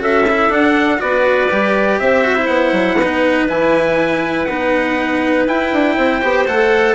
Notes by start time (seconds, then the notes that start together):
0.00 C#4 F#4 A4 E5
0.30 E4
0.49 D4 F#5
0.99 B3 F#4 B4 D5
1.52 G3 G4
2.00 C4 C5 E5
2.25 F#4
2.36 E4
2.47 B3 F#5
2.73 F#3
2.96 B3 B4
3.03 D#4
3.49 E3 E4 G#5
4.46 B3 D#4 F#5
5.47 E4 G5
5.73 D4
5.97 C4 C5
6.22 B3 G4
6.47 A3 A4 F#5